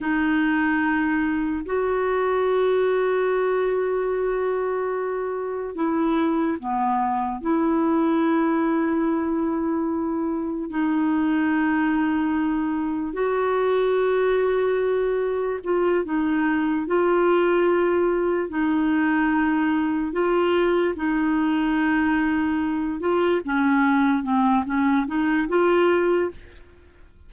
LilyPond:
\new Staff \with { instrumentName = "clarinet" } { \time 4/4 \tempo 4 = 73 dis'2 fis'2~ | fis'2. e'4 | b4 e'2.~ | e'4 dis'2. |
fis'2. f'8 dis'8~ | dis'8 f'2 dis'4.~ | dis'8 f'4 dis'2~ dis'8 | f'8 cis'4 c'8 cis'8 dis'8 f'4 | }